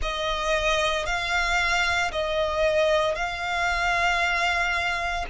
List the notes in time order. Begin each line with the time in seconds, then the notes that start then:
0.02 D#5
1.05 F5
2.11 D#5
3.15 F5